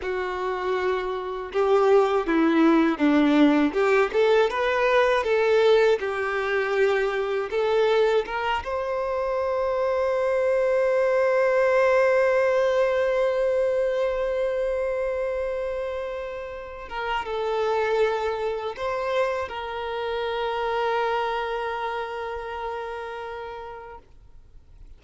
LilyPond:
\new Staff \with { instrumentName = "violin" } { \time 4/4 \tempo 4 = 80 fis'2 g'4 e'4 | d'4 g'8 a'8 b'4 a'4 | g'2 a'4 ais'8 c''8~ | c''1~ |
c''1~ | c''2~ c''8 ais'8 a'4~ | a'4 c''4 ais'2~ | ais'1 | }